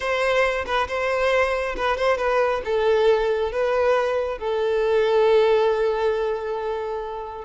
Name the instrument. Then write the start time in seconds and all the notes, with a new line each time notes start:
violin
0.00 C5
0.65 B4
0.88 C5
1.76 B4
1.97 C5
2.17 B4
2.64 A4
3.52 B4
4.38 A4